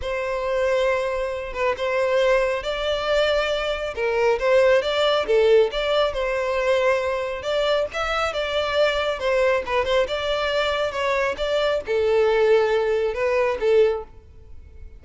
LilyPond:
\new Staff \with { instrumentName = "violin" } { \time 4/4 \tempo 4 = 137 c''2.~ c''8 b'8 | c''2 d''2~ | d''4 ais'4 c''4 d''4 | a'4 d''4 c''2~ |
c''4 d''4 e''4 d''4~ | d''4 c''4 b'8 c''8 d''4~ | d''4 cis''4 d''4 a'4~ | a'2 b'4 a'4 | }